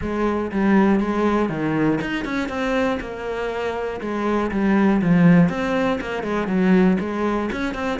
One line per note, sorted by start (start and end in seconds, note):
0.01 0.51 G#3
0.51 1.00 G3
1.00 1.49 G#3
1.49 1.99 D#3
2.01 2.25 D#4
2.25 2.48 C#4
2.48 2.98 C4
3.00 4.00 A#3
4.00 4.50 G#3
4.51 5.01 G3
5.01 5.49 F3
5.49 5.99 C4
6.00 6.23 A#3
6.23 6.47 G#3
6.47 6.97 F#3
7.00 7.50 G#3
7.52 7.74 C#4
7.74 7.99 C4